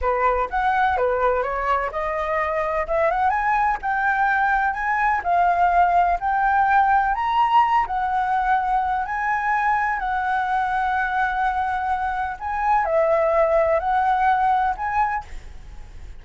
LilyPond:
\new Staff \with { instrumentName = "flute" } { \time 4/4 \tempo 4 = 126 b'4 fis''4 b'4 cis''4 | dis''2 e''8 fis''8 gis''4 | g''2 gis''4 f''4~ | f''4 g''2 ais''4~ |
ais''8 fis''2~ fis''8 gis''4~ | gis''4 fis''2.~ | fis''2 gis''4 e''4~ | e''4 fis''2 gis''4 | }